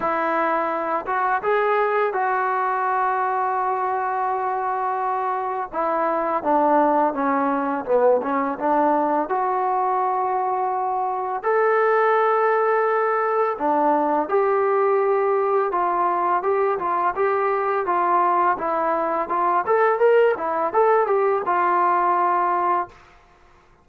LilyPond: \new Staff \with { instrumentName = "trombone" } { \time 4/4 \tempo 4 = 84 e'4. fis'8 gis'4 fis'4~ | fis'1 | e'4 d'4 cis'4 b8 cis'8 | d'4 fis'2. |
a'2. d'4 | g'2 f'4 g'8 f'8 | g'4 f'4 e'4 f'8 a'8 | ais'8 e'8 a'8 g'8 f'2 | }